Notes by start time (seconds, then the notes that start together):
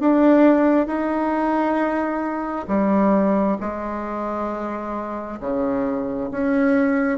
0.00 D4
0.87 D#4
2.68 G3
3.60 G#3
5.40 C#3
6.31 C#4